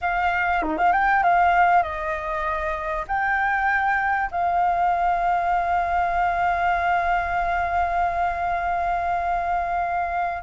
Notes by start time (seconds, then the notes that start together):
0.01 F5
0.62 D#4
0.77 F5
0.92 G5
1.23 F5
1.82 D#5
3.07 G5
4.31 F5